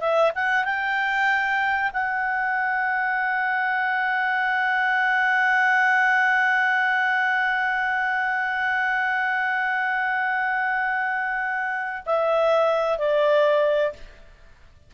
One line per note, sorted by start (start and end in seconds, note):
0.00 0.32 E5
0.34 0.64 F#5
0.64 1.90 G5
1.92 12.03 F#5
12.05 12.98 E5
12.98 13.93 D5